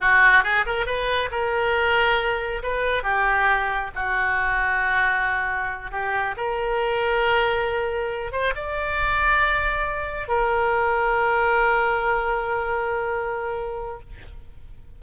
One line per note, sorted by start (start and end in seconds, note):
0.00 0.43 F#4
0.43 0.65 G#4
0.65 0.85 A#4
0.85 1.29 B4
1.31 2.62 A#4
2.62 3.03 B4
3.03 3.91 G4
3.95 5.91 F#4
5.91 6.35 G4
6.36 8.32 A#4
8.32 8.54 C5
8.55 10.27 D5
10.27 14.00 A#4